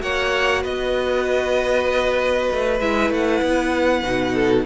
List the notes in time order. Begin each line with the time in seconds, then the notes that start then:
0.00 A#3 F#4 C#5 F#5
0.62 B3 B4 D#5
2.52 A3
2.80 G#3 E4 E5
3.10 A3 F#5
3.42 B3
4.03 B2 D#4
4.34 A4